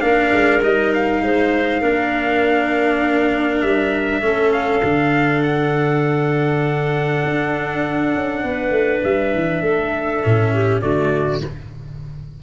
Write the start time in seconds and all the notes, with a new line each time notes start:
0.00 A#3 D4 A#4 F5
0.32 G#3
0.62 G3 D#4 D#5
0.94 F5
1.22 G#3 C5
1.81 A#3 D4 A#4
3.61 G3 E5
4.22 A3 C#4 A4
4.52 F5
4.83 D3 D4
5.42 F#5
7.24 D4
8.15 C#4
8.43 B3 B4
8.70 A3
9.03 G3 E5
9.34 E3
9.61 A3 A4
10.23 A2 C#4
10.53 G4
10.81 D3 A3 F#4 D5